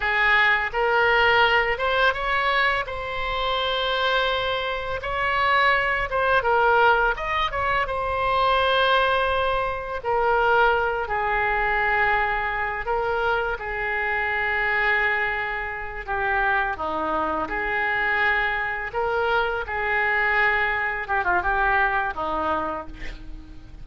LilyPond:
\new Staff \with { instrumentName = "oboe" } { \time 4/4 \tempo 4 = 84 gis'4 ais'4. c''8 cis''4 | c''2. cis''4~ | cis''8 c''8 ais'4 dis''8 cis''8 c''4~ | c''2 ais'4. gis'8~ |
gis'2 ais'4 gis'4~ | gis'2~ gis'8 g'4 dis'8~ | dis'8 gis'2 ais'4 gis'8~ | gis'4. g'16 f'16 g'4 dis'4 | }